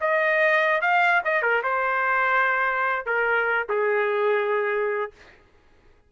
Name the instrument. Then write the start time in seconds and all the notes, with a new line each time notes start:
trumpet
0.00 D#5
0.81 F5
1.24 D#5
1.42 A#4
1.63 C5
3.05 A#4
3.68 G#4